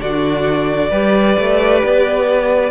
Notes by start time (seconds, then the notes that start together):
0.00 D3 D4 F#4 D5
0.91 G3 G4 B4
1.38 A3
1.85 B3